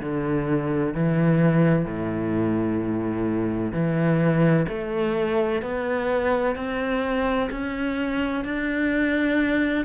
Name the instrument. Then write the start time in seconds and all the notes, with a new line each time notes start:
cello
0.00 D3
0.94 E3
1.85 A2
3.72 E3
4.68 A3
5.62 B3
6.55 C4
7.51 C#4
8.44 D4